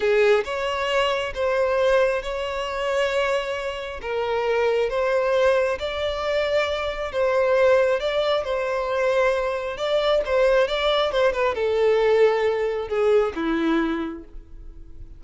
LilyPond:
\new Staff \with { instrumentName = "violin" } { \time 4/4 \tempo 4 = 135 gis'4 cis''2 c''4~ | c''4 cis''2.~ | cis''4 ais'2 c''4~ | c''4 d''2. |
c''2 d''4 c''4~ | c''2 d''4 c''4 | d''4 c''8 b'8 a'2~ | a'4 gis'4 e'2 | }